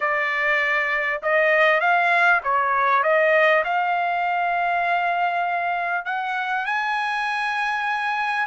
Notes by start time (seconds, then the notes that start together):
0.00 D5
1.22 D#5
1.80 F5
2.43 C#5
3.03 D#5
3.64 F5
6.05 F#5
6.65 G#5